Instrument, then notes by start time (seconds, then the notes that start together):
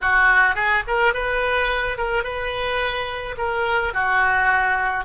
oboe
0.01 F#4
0.55 G#4
0.87 A#4
1.13 B4
1.97 A#4
2.23 B4
3.37 A#4
3.93 F#4